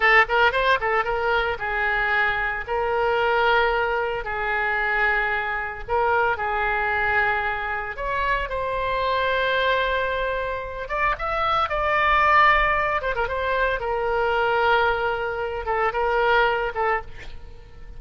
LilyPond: \new Staff \with { instrumentName = "oboe" } { \time 4/4 \tempo 4 = 113 a'8 ais'8 c''8 a'8 ais'4 gis'4~ | gis'4 ais'2. | gis'2. ais'4 | gis'2. cis''4 |
c''1~ | c''8 d''8 e''4 d''2~ | d''8 c''16 ais'16 c''4 ais'2~ | ais'4. a'8 ais'4. a'8 | }